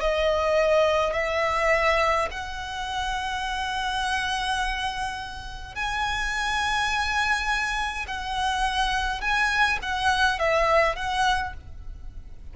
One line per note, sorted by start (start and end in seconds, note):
0.00 1.13 D#5
1.13 2.28 E5
2.30 5.74 F#5
5.74 8.05 G#5
8.07 9.20 F#5
9.20 9.78 G#5
9.82 10.38 F#5
10.38 10.96 E5
10.96 11.53 F#5